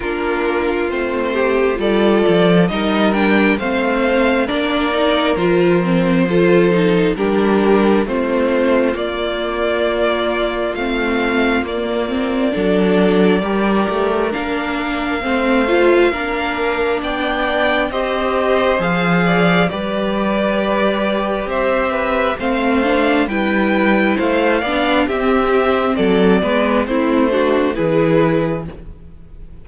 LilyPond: <<
  \new Staff \with { instrumentName = "violin" } { \time 4/4 \tempo 4 = 67 ais'4 c''4 d''4 dis''8 g''8 | f''4 d''4 c''2 | ais'4 c''4 d''2 | f''4 d''2. |
f''2. g''4 | dis''4 f''4 d''2 | e''4 f''4 g''4 f''4 | e''4 d''4 c''4 b'4 | }
  \new Staff \with { instrumentName = "violin" } { \time 4/4 f'4. g'8 a'4 ais'4 | c''4 ais'2 a'4 | g'4 f'2.~ | f'2 a'4 ais'4~ |
ais'4 c''4 ais'4 d''4 | c''4. d''8 b'2 | c''8 b'8 c''4 b'4 c''8 d''8 | g'4 a'8 b'8 e'8 fis'8 gis'4 | }
  \new Staff \with { instrumentName = "viola" } { \time 4/4 d'4 c'4 f'4 dis'8 d'8 | c'4 d'8 dis'8 f'8 c'8 f'8 dis'8 | d'4 c'4 ais2 | c'4 ais8 c'8 d'4 g'4 |
d'4 c'8 f'8 d'2 | g'4 gis'4 g'2~ | g'4 c'8 d'8 e'4. d'8 | c'4. b8 c'8 d'8 e'4 | }
  \new Staff \with { instrumentName = "cello" } { \time 4/4 ais4 a4 g8 f8 g4 | a4 ais4 f2 | g4 a4 ais2 | a4 ais4 fis4 g8 a8 |
ais4 a4 ais4 b4 | c'4 f4 g2 | c'4 a4 g4 a8 b8 | c'4 fis8 gis8 a4 e4 | }
>>